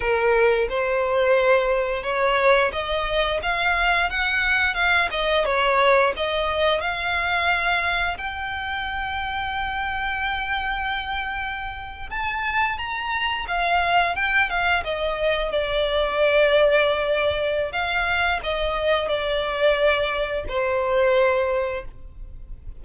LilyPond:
\new Staff \with { instrumentName = "violin" } { \time 4/4 \tempo 4 = 88 ais'4 c''2 cis''4 | dis''4 f''4 fis''4 f''8 dis''8 | cis''4 dis''4 f''2 | g''1~ |
g''4.~ g''16 a''4 ais''4 f''16~ | f''8. g''8 f''8 dis''4 d''4~ d''16~ | d''2 f''4 dis''4 | d''2 c''2 | }